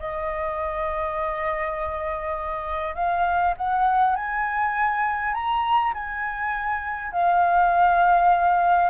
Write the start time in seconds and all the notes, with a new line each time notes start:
0.00 D#5
2.95 F5
3.58 F#5
4.16 G#5
5.34 A#5
5.94 G#5
7.13 F5